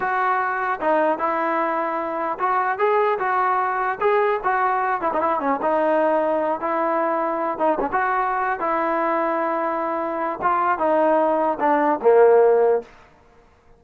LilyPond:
\new Staff \with { instrumentName = "trombone" } { \time 4/4 \tempo 4 = 150 fis'2 dis'4 e'4~ | e'2 fis'4 gis'4 | fis'2 gis'4 fis'4~ | fis'8 e'16 dis'16 e'8 cis'8 dis'2~ |
dis'8 e'2~ e'8 dis'8 cis'16 fis'16~ | fis'4. e'2~ e'8~ | e'2 f'4 dis'4~ | dis'4 d'4 ais2 | }